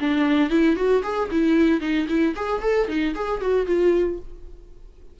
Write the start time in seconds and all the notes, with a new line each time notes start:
0.00 D4
0.50 E4
0.76 F#4
1.03 G#4
1.31 E4
1.81 D#4
2.09 E4
2.36 G#4
2.62 A4
2.89 D#4
3.15 G#4
3.41 F#4
3.67 F4